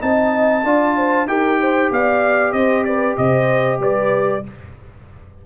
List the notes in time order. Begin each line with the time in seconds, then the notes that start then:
0.00 C4 D#4 D#5 A5
0.64 D4 F4 D5
0.97 C5
1.27 D#4 G4 A#4 G5
1.60 C5
1.92 B3 D5 F5
2.53 C4 C5 D#5
2.85 B4 D5
3.17 C3 C5 D#5
3.80 G3 B4 D5